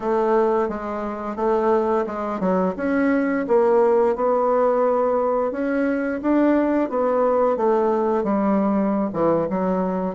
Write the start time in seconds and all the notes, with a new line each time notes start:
0.00 A3
0.68 G#3
1.36 A3
2.06 G#3
2.39 F#3
2.76 C#4
3.47 A#3
4.15 B3
5.51 C#4
6.22 D4
6.89 B3
7.56 A3
8.23 G3
9.13 E3
9.50 F#3